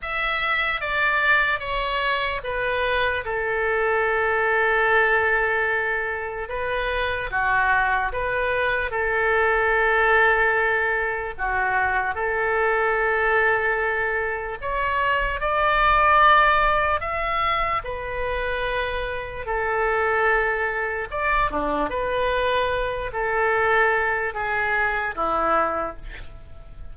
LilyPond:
\new Staff \with { instrumentName = "oboe" } { \time 4/4 \tempo 4 = 74 e''4 d''4 cis''4 b'4 | a'1 | b'4 fis'4 b'4 a'4~ | a'2 fis'4 a'4~ |
a'2 cis''4 d''4~ | d''4 e''4 b'2 | a'2 d''8 d'8 b'4~ | b'8 a'4. gis'4 e'4 | }